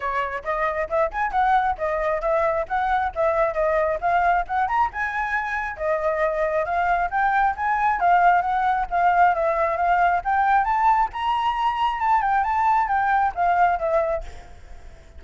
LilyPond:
\new Staff \with { instrumentName = "flute" } { \time 4/4 \tempo 4 = 135 cis''4 dis''4 e''8 gis''8 fis''4 | dis''4 e''4 fis''4 e''4 | dis''4 f''4 fis''8 ais''8 gis''4~ | gis''4 dis''2 f''4 |
g''4 gis''4 f''4 fis''4 | f''4 e''4 f''4 g''4 | a''4 ais''2 a''8 g''8 | a''4 g''4 f''4 e''4 | }